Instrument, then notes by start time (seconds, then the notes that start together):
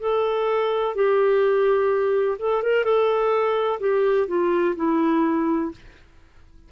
clarinet
0.00 A4
0.95 G4
2.39 A4
2.63 A#4
2.84 A4
3.81 G4
4.28 F4
4.76 E4